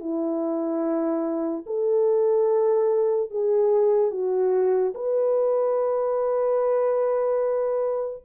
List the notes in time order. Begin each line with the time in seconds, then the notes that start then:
0.00 E4
1.66 A4
3.30 G#4
4.11 F#4
4.94 B4